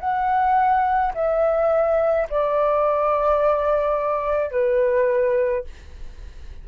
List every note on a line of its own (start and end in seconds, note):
0.00 1.13 F#5
1.14 2.27 E5
2.30 4.51 D5
4.51 5.64 B4